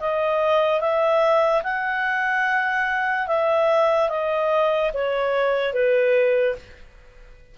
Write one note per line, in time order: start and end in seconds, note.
0.00 0.80 D#5
0.80 1.63 E5
1.63 3.27 F#5
3.27 4.09 E5
4.09 4.91 D#5
4.94 5.73 C#5
5.73 6.55 B4